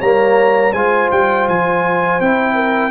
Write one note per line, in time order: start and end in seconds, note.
0.00 0.73 G3
0.00 0.75 A#3
0.00 0.72 C#5
0.00 0.73 A#5
0.72 1.10 G#3
0.72 2.22 F4
0.72 2.55 C5
0.72 1.10 G#5
1.11 1.48 G3
1.11 1.48 G5
1.49 2.21 F3
1.49 2.21 G#5
2.21 2.91 C4
2.21 2.91 E4
2.21 2.91 G5
2.55 2.91 A#4